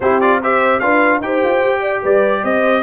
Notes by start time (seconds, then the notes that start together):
0.00 C4 E4 G4 C5
0.20 F4 D5
0.41 G4 C5 E5
0.79 D4 F4 B4 F5
1.20 D#4 G4 C5 G5
1.43 F4
1.61 G4
1.80 D5
2.02 G3 B4 D5
2.43 C4 C5 D#5